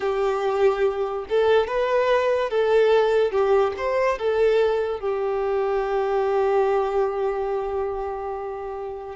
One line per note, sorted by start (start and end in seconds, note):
0.00 1.25 G4
1.29 1.67 A4
1.67 2.50 B4
2.50 3.31 A4
3.31 3.73 G4
3.77 4.18 C5
4.18 5.00 A4
5.00 9.16 G4